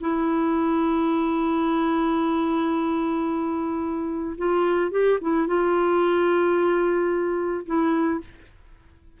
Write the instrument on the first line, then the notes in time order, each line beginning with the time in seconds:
clarinet
0.00 E4
4.37 F4
4.91 G4
5.21 E4
5.47 F4
7.66 E4